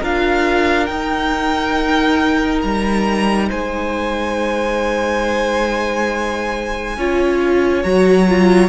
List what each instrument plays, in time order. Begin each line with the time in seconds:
0.00 cello D4, viola F4, violin A#4 F5
0.86 viola D#4, cello D#4, violin G5
2.62 cello G3, violin A#5
3.49 cello G#3, violin C5 G#5
6.97 cello C#4, viola F4, violin C#5
7.83 cello F#3, viola F#4, violin A#5
8.28 viola F4